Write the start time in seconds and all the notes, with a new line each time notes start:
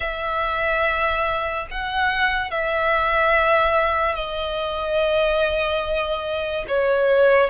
0.00 E5
1.70 F#5
2.50 E5
4.15 D#5
6.67 C#5